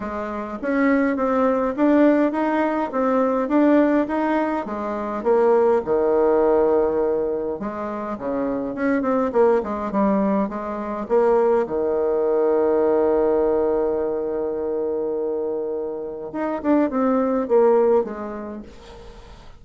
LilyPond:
\new Staff \with { instrumentName = "bassoon" } { \time 4/4 \tempo 4 = 103 gis4 cis'4 c'4 d'4 | dis'4 c'4 d'4 dis'4 | gis4 ais4 dis2~ | dis4 gis4 cis4 cis'8 c'8 |
ais8 gis8 g4 gis4 ais4 | dis1~ | dis1 | dis'8 d'8 c'4 ais4 gis4 | }